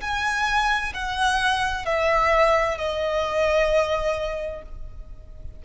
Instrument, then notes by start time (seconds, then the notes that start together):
violin
0.00 G#5
0.94 F#5
1.85 E5
2.77 D#5